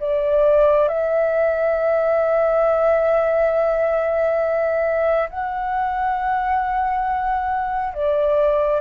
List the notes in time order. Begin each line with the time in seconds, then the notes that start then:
0.00 D5
0.88 E5
5.30 F#5
7.94 D5